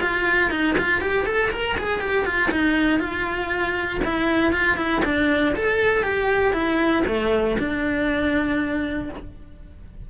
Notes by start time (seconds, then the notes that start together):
0.00 F4
0.50 D#4
0.78 F4
1.01 G4
1.25 A4
1.51 A#4
1.77 G#4
2.00 G4
2.25 F4
2.51 D#4
2.99 F4
4.04 E4
4.52 F4
4.76 E4
5.04 D4
5.55 A4
6.03 G4
6.52 E4
7.07 A3
7.58 D4